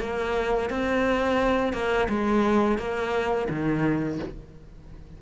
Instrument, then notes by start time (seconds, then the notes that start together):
cello
0.00 A#3
0.70 C4
1.73 A#3
2.09 G#3
2.78 A#3
3.49 D#3